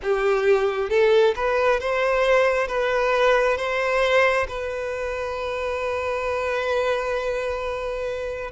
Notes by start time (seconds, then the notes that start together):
0.02 G4
0.89 A4
1.35 B4
1.80 C5
2.67 B4
3.57 C5
4.48 B4